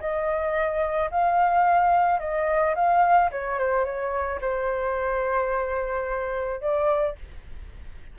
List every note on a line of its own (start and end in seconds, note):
0.00 1.10 D#5
1.11 2.20 F5
2.20 2.75 D#5
2.75 3.30 F5
3.31 3.59 C#5
3.59 3.85 C5
3.85 4.40 C#5
4.41 6.61 C5
6.61 7.16 D5